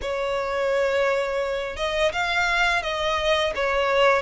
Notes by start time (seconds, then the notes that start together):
0.01 C#5
1.76 D#5
2.12 F5
2.82 D#5
3.55 C#5